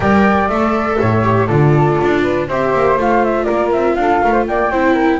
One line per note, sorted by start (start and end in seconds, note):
0.00 0.49 G3
0.00 0.48 A#4
0.00 0.97 D5
0.00 0.48 G5
0.48 0.98 A3
0.48 1.22 A4
0.48 1.47 E5
0.99 1.49 A2
0.99 1.47 C#5
1.22 1.47 G4
1.47 1.99 D3
1.47 2.48 F4
1.47 2.21 A4
1.47 2.46 D5
2.01 2.48 D4
2.23 2.47 B4
2.48 2.73 C4
2.48 2.97 G4
2.48 3.44 C5
2.48 2.99 E5
2.73 2.97 A#3
2.97 3.46 A3
2.97 4.71 F4
2.97 3.24 F5
3.24 3.44 E5
3.44 3.73 A#3
3.44 3.94 A#4
3.44 3.68 D5
3.72 3.96 C4
3.72 3.95 E5
3.95 4.21 D4
3.95 4.23 A4
3.95 4.44 F5
4.23 4.48 A3
4.23 4.32 A#4
4.32 4.45 C5
4.47 4.71 A#3
4.47 4.70 D5
4.47 5.20 G5
4.70 5.20 C4
4.70 5.20 E4
4.70 4.93 C5
4.93 5.18 A#4